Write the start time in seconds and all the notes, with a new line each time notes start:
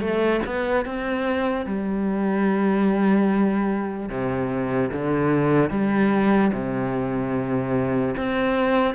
0.00 A3
0.46 B3
0.86 C4
1.66 G3
4.09 C3
4.93 D3
5.71 G3
6.53 C3
8.17 C4